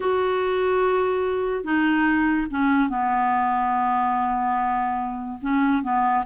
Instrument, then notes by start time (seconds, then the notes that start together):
clarinet
0.00 F#4
1.64 D#4
2.50 C#4
2.89 B3
5.41 C#4
5.82 B3